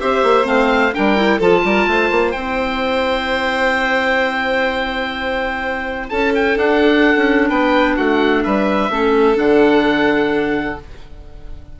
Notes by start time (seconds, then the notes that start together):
0.00 C4 G4 C5 E5
0.23 A#3
0.44 A3 C4 F5
0.94 G3 D4 A#4 G5
1.16 E4
1.38 F3 F4 A4 A5
1.64 G3 A#4
1.87 A3 C5
2.11 A#3
2.32 C4 E4 G5
6.09 C#4 A4 A5
6.35 G5
6.55 D4 F#5
7.16 C#4
7.49 B3 B4 G5
7.96 A3 F#4 F#5
8.43 G3 B4 E5
8.90 A3 C#4 A4
9.35 D3 D4 F#5